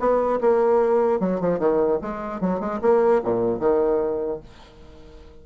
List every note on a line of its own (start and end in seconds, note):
0.00 0.40 B3
0.41 1.21 A#3
1.21 1.41 F#3
1.41 1.60 F3
1.60 2.00 D#3
2.02 2.41 G#3
2.41 2.60 F#3
2.60 2.80 G#3
2.82 3.22 A#3
3.25 3.60 A#2
3.60 4.41 D#3